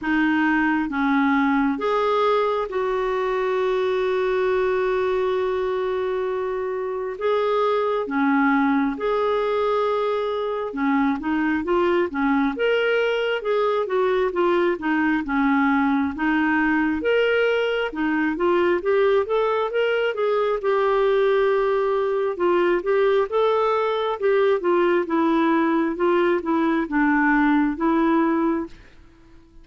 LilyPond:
\new Staff \with { instrumentName = "clarinet" } { \time 4/4 \tempo 4 = 67 dis'4 cis'4 gis'4 fis'4~ | fis'1 | gis'4 cis'4 gis'2 | cis'8 dis'8 f'8 cis'8 ais'4 gis'8 fis'8 |
f'8 dis'8 cis'4 dis'4 ais'4 | dis'8 f'8 g'8 a'8 ais'8 gis'8 g'4~ | g'4 f'8 g'8 a'4 g'8 f'8 | e'4 f'8 e'8 d'4 e'4 | }